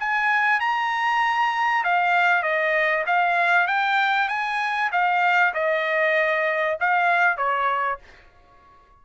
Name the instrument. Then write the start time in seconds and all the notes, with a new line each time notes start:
trumpet
0.00 G#5
0.60 A#5
1.84 F5
2.43 D#5
3.07 F5
3.67 G5
4.29 G#5
4.92 F5
5.54 D#5
6.80 F5
7.37 C#5